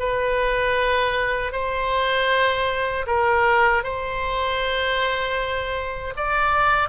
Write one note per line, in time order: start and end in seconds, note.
0.00 1.52 B4
1.52 3.06 C5
3.07 3.84 A#4
3.84 6.14 C5
6.17 6.90 D5